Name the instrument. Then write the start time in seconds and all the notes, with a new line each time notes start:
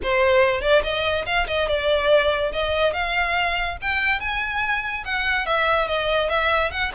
violin
0.02 C5
0.61 D5
0.83 D#5
1.26 F5
1.47 D#5
1.68 D5
2.52 D#5
2.93 F5
3.81 G5
4.20 G#5
5.05 F#5
5.45 E5
5.87 D#5
6.29 E5
6.71 F#5